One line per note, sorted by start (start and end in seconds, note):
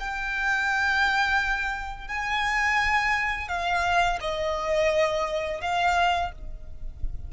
0.00 2.08 G5
2.08 3.49 G#5
3.49 4.19 F5
4.21 5.62 D#5
5.62 6.32 F5